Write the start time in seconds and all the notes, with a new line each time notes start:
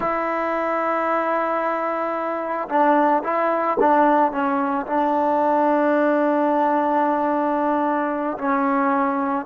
0.00 E4
2.69 D4
3.23 E4
3.80 D4
4.32 C#4
4.86 D4
8.38 C#4